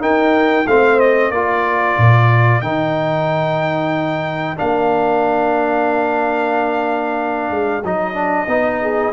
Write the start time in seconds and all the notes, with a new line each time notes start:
0.00 D#4 A#4 G5
0.67 A3 C4 C5 F5
1.00 D#5
1.31 A#3 F4 A#4 D5
1.98 A#2
2.61 D#3 D#4 G5
4.57 A#3 D4 F5
7.51 G#3
7.83 F#3 D#4 D#5
8.15 D4
8.47 B3 D#4
8.82 G#4